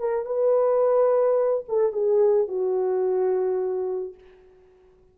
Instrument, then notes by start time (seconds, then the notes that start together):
horn
0.00 A#4
0.26 B4
1.69 A4
1.93 G#4
2.48 F#4